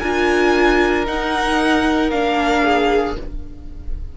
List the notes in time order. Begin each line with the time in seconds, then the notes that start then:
0.00 D4 F4 A#4 G#5
1.06 D#4 F#5
2.11 A#3 D4 F5
2.63 G#4